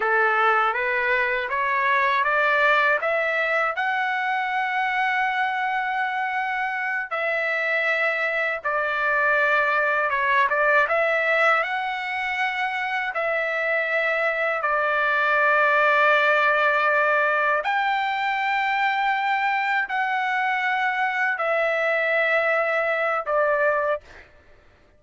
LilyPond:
\new Staff \with { instrumentName = "trumpet" } { \time 4/4 \tempo 4 = 80 a'4 b'4 cis''4 d''4 | e''4 fis''2.~ | fis''4. e''2 d''8~ | d''4. cis''8 d''8 e''4 fis''8~ |
fis''4. e''2 d''8~ | d''2.~ d''8 g''8~ | g''2~ g''8 fis''4.~ | fis''8 e''2~ e''8 d''4 | }